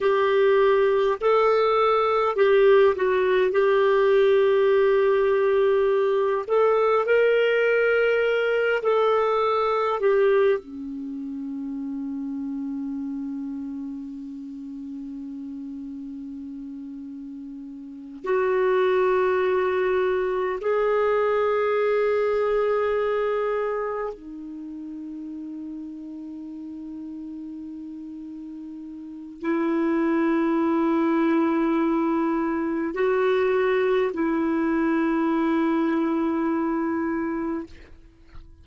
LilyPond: \new Staff \with { instrumentName = "clarinet" } { \time 4/4 \tempo 4 = 51 g'4 a'4 g'8 fis'8 g'4~ | g'4. a'8 ais'4. a'8~ | a'8 g'8 cis'2.~ | cis'2.~ cis'8 fis'8~ |
fis'4. gis'2~ gis'8~ | gis'8 dis'2.~ dis'8~ | dis'4 e'2. | fis'4 e'2. | }